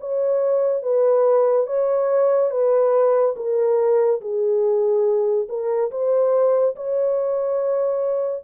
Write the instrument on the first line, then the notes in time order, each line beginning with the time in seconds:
horn
0.00 C#5
0.83 B4
1.67 C#5
2.50 B4
3.36 A#4
4.21 G#4
5.48 A#4
5.91 C5
6.76 C#5